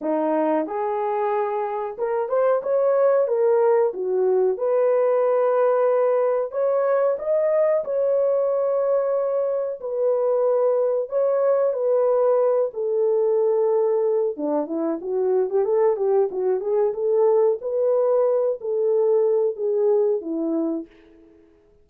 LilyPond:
\new Staff \with { instrumentName = "horn" } { \time 4/4 \tempo 4 = 92 dis'4 gis'2 ais'8 c''8 | cis''4 ais'4 fis'4 b'4~ | b'2 cis''4 dis''4 | cis''2. b'4~ |
b'4 cis''4 b'4. a'8~ | a'2 d'8 e'8 fis'8. g'16 | a'8 g'8 fis'8 gis'8 a'4 b'4~ | b'8 a'4. gis'4 e'4 | }